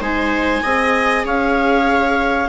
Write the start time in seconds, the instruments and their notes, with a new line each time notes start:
0.00 bassoon G#3, viola D#4 C5, clarinet G#5
0.63 bassoon C4, viola G#4 D#5
1.25 bassoon C#4, viola C#5, clarinet F5